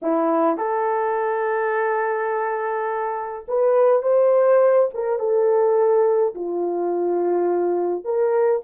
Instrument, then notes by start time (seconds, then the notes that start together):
horn
0.02 E4
0.57 A4
3.48 B4
4.02 C5
4.94 A#4
5.19 A4
6.34 F4
8.04 A#4